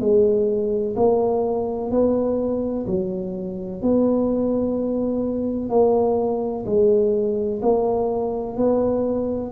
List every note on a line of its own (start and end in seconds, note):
0.00 0.95 G#3
0.96 1.91 A#3
1.91 2.86 B3
2.87 3.82 F#3
3.82 5.70 B3
5.70 6.65 A#3
6.66 7.61 G#3
7.62 8.57 A#3
8.57 9.52 B3